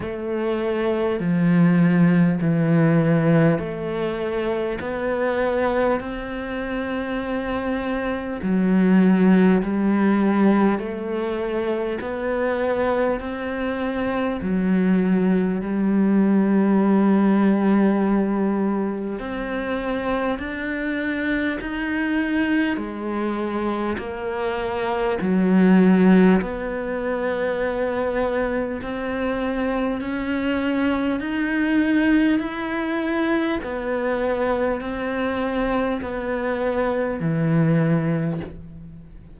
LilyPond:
\new Staff \with { instrumentName = "cello" } { \time 4/4 \tempo 4 = 50 a4 f4 e4 a4 | b4 c'2 fis4 | g4 a4 b4 c'4 | fis4 g2. |
c'4 d'4 dis'4 gis4 | ais4 fis4 b2 | c'4 cis'4 dis'4 e'4 | b4 c'4 b4 e4 | }